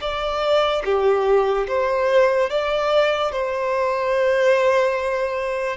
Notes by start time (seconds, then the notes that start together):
0.00 D5
0.84 G4
1.68 C5
2.49 D5
3.31 C5